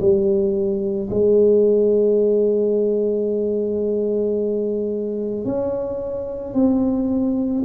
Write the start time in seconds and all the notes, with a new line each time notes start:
0.00 G3
1.11 G#3
5.45 C#4
6.54 C4